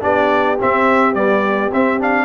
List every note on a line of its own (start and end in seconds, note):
0.00 0.60 B3
0.00 0.57 D4
0.00 2.24 G4
0.00 0.59 D5
0.60 1.14 C4
0.60 1.17 C4
0.60 1.14 E5
1.14 1.71 G3
1.14 1.72 B3
1.14 1.71 D5
1.72 2.24 C4
1.72 1.99 C4
1.72 2.01 E5
1.99 2.24 D4
1.99 2.24 F5